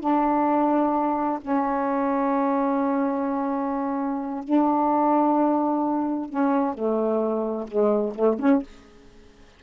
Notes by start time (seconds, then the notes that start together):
0.00 D4
1.41 C#4
4.44 D4
6.30 C#4
6.74 A3
7.67 G#3
8.15 A3
8.39 C#4